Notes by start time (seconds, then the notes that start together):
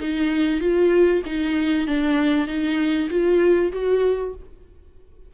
0.00 D#4
0.60 F4
1.26 D#4
1.87 D4
2.47 D#4
3.10 F4
3.72 F#4